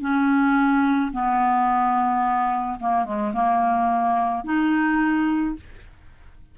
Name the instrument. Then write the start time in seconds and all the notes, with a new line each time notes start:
clarinet
0.00 C#4
1.12 B3
2.79 A#3
3.05 G#3
3.33 A#3
4.44 D#4